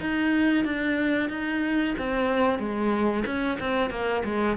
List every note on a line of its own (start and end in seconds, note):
0.00 0.65 D#4
0.65 1.29 D4
1.29 1.94 D#4
1.98 2.59 C4
2.59 3.24 G#3
3.25 3.58 C#4
3.60 3.90 C4
3.90 4.23 A#3
4.24 4.57 G#3